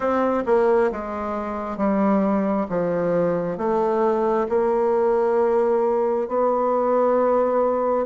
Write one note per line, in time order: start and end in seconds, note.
0.00 0.43 C4
0.46 0.90 A#3
0.91 1.77 G#3
1.77 2.66 G3
2.69 3.57 F3
3.57 4.47 A3
4.49 6.28 A#3
6.28 8.06 B3